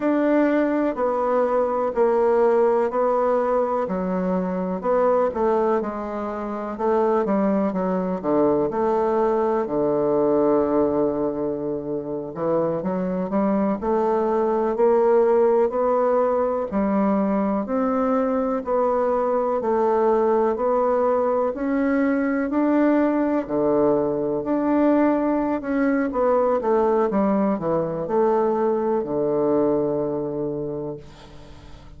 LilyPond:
\new Staff \with { instrumentName = "bassoon" } { \time 4/4 \tempo 4 = 62 d'4 b4 ais4 b4 | fis4 b8 a8 gis4 a8 g8 | fis8 d8 a4 d2~ | d8. e8 fis8 g8 a4 ais8.~ |
ais16 b4 g4 c'4 b8.~ | b16 a4 b4 cis'4 d'8.~ | d'16 d4 d'4~ d'16 cis'8 b8 a8 | g8 e8 a4 d2 | }